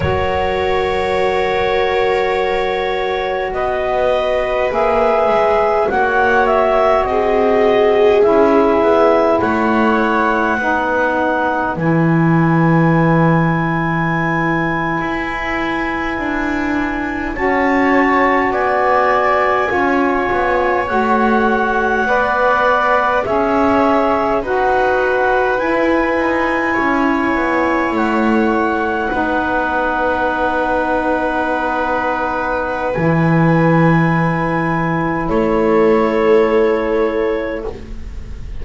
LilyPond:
<<
  \new Staff \with { instrumentName = "clarinet" } { \time 4/4 \tempo 4 = 51 cis''2. dis''4 | e''4 fis''8 e''8 dis''4 e''4 | fis''2 gis''2~ | gis''2~ gis''8. a''4 gis''16~ |
gis''4.~ gis''16 fis''2 e''16~ | e''8. fis''4 gis''2 fis''16~ | fis''1 | gis''2 cis''2 | }
  \new Staff \with { instrumentName = "viola" } { \time 4/4 ais'2. b'4~ | b'4 cis''4 gis'2 | cis''4 b'2.~ | b'2~ b'8. cis''4 d''16~ |
d''8. cis''2 d''4 cis''16~ | cis''8. b'2 cis''4~ cis''16~ | cis''8. b'2.~ b'16~ | b'2 a'2 | }
  \new Staff \with { instrumentName = "saxophone" } { \time 4/4 fis'1 | gis'4 fis'2 e'4~ | e'4 dis'4 e'2~ | e'2~ e'8. fis'4~ fis'16~ |
fis'8. f'4 fis'4 b'4 gis'16~ | gis'8. fis'4 e'2~ e'16~ | e'8. dis'2.~ dis'16 | e'1 | }
  \new Staff \with { instrumentName = "double bass" } { \time 4/4 fis2. b4 | ais8 gis8 ais4 c'4 cis'8 b8 | a4 b4 e2~ | e8. e'4 d'4 cis'4 b16~ |
b8. cis'8 b8 a4 b4 cis'16~ | cis'8. dis'4 e'8 dis'8 cis'8 b8 a16~ | a8. b2.~ b16 | e2 a2 | }
>>